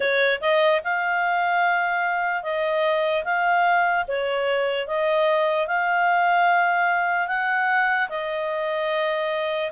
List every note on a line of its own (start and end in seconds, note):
0.00 0.40 C#5
0.41 0.81 D#5
0.83 2.43 F5
2.43 3.24 D#5
3.24 4.05 F5
4.07 4.87 C#5
4.87 5.67 D#5
5.67 7.27 F5
7.27 8.08 F#5
8.09 9.71 D#5